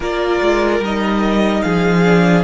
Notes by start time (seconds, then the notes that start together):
0.00 A#3 F4 A#4 D5
0.41 G#3
0.79 G3 D#4 D#5
1.61 F3 G#4 F5
2.04 D4